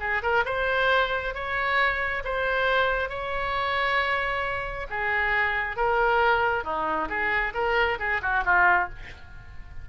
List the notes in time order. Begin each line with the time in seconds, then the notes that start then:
0.00 G#4
0.23 A#4
0.46 C5
1.35 C#5
2.25 C5
3.09 C#5
4.90 G#4
5.77 A#4
6.64 D#4
7.09 G#4
7.54 A#4
7.99 G#4
8.22 F#4
8.45 F4